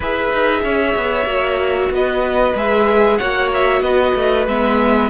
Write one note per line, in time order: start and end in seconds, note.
0.00 0.30 E4
0.00 1.26 G#4
0.00 0.60 B4
0.00 1.93 E5
0.33 0.63 D#4
0.63 0.95 C#4
0.63 1.91 C#5
0.96 1.25 B3
1.25 1.89 A#3
1.25 2.54 F#4
1.89 2.53 B3
1.89 3.18 B4
1.89 2.57 D#5
2.54 3.18 G#3
2.54 3.20 G#4
2.54 3.17 E5
3.17 3.81 A#3
3.17 4.48 F#4
3.17 3.81 C#5
3.17 3.49 F#5
3.53 3.82 E5
3.81 4.13 B3
3.81 5.10 B4
3.81 4.46 D#5
4.15 4.46 A3
4.46 5.10 G#3
4.46 5.10 B3
4.46 5.10 E5